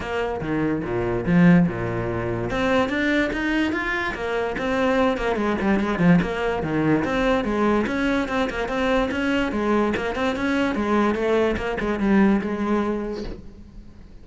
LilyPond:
\new Staff \with { instrumentName = "cello" } { \time 4/4 \tempo 4 = 145 ais4 dis4 ais,4 f4 | ais,2 c'4 d'4 | dis'4 f'4 ais4 c'4~ | c'8 ais8 gis8 g8 gis8 f8 ais4 |
dis4 c'4 gis4 cis'4 | c'8 ais8 c'4 cis'4 gis4 | ais8 c'8 cis'4 gis4 a4 | ais8 gis8 g4 gis2 | }